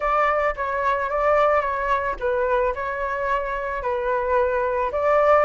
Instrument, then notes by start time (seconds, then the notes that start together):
flute
0.00 D5
0.56 C#5
1.10 D5
1.61 C#5
2.19 B4
2.74 C#5
3.82 B4
4.92 D5